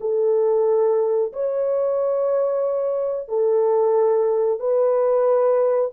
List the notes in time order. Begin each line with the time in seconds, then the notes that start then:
0.00 A4
1.33 C#5
3.28 A4
4.59 B4